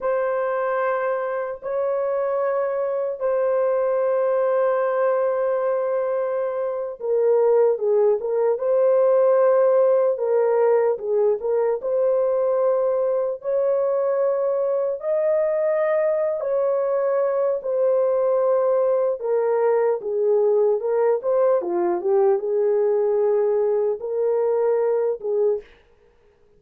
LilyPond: \new Staff \with { instrumentName = "horn" } { \time 4/4 \tempo 4 = 75 c''2 cis''2 | c''1~ | c''8. ais'4 gis'8 ais'8 c''4~ c''16~ | c''8. ais'4 gis'8 ais'8 c''4~ c''16~ |
c''8. cis''2 dis''4~ dis''16~ | dis''8 cis''4. c''2 | ais'4 gis'4 ais'8 c''8 f'8 g'8 | gis'2 ais'4. gis'8 | }